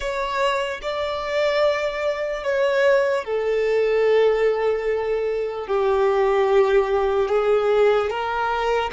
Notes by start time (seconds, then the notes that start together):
0.00 C#5
0.81 D5
2.43 C#5
3.24 A4
5.67 G4
7.29 G#4
8.09 A#4